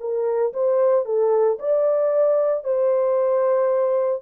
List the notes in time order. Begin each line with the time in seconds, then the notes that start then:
0.00 A#4
0.53 C5
1.05 A4
1.59 D5
2.64 C5